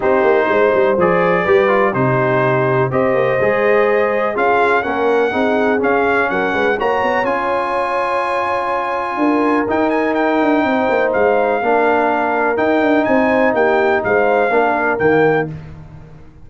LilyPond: <<
  \new Staff \with { instrumentName = "trumpet" } { \time 4/4 \tempo 4 = 124 c''2 d''2 | c''2 dis''2~ | dis''4 f''4 fis''2 | f''4 fis''4 ais''4 gis''4~ |
gis''1 | g''8 gis''8 g''2 f''4~ | f''2 g''4 gis''4 | g''4 f''2 g''4 | }
  \new Staff \with { instrumentName = "horn" } { \time 4/4 g'4 c''2 b'4 | g'2 c''2~ | c''4 gis'4 ais'4 gis'4~ | gis'4 ais'8 b'8 cis''2~ |
cis''2. ais'4~ | ais'2 c''2 | ais'2. c''4 | g'4 c''4 ais'2 | }
  \new Staff \with { instrumentName = "trombone" } { \time 4/4 dis'2 gis'4 g'8 f'8 | dis'2 g'4 gis'4~ | gis'4 f'4 cis'4 dis'4 | cis'2 fis'4 f'4~ |
f'1 | dis'1 | d'2 dis'2~ | dis'2 d'4 ais4 | }
  \new Staff \with { instrumentName = "tuba" } { \time 4/4 c'8 ais8 gis8 g8 f4 g4 | c2 c'8 ais8 gis4~ | gis4 cis'4 ais4 c'4 | cis'4 fis8 gis8 ais8 b8 cis'4~ |
cis'2. d'4 | dis'4. d'8 c'8 ais8 gis4 | ais2 dis'8 d'8 c'4 | ais4 gis4 ais4 dis4 | }
>>